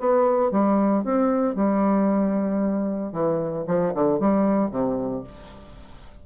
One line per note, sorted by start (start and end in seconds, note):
0.00 0.52 B3
0.52 1.04 G3
1.04 1.56 C4
1.56 3.13 G3
3.13 3.66 E3
3.67 3.94 F3
3.95 4.20 D3
4.20 4.71 G3
4.71 5.24 C3